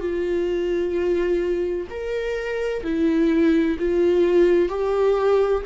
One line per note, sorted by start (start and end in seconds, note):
0.00 1.87 F4
1.90 2.84 A#4
2.84 3.78 E4
3.80 4.69 F4
4.69 5.63 G4